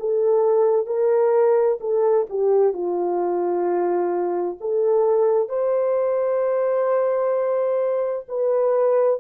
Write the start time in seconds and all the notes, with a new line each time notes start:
0.00 A4
0.86 A#4
1.80 A4
2.30 G4
2.74 F4
4.61 A4
5.49 C5
8.29 B4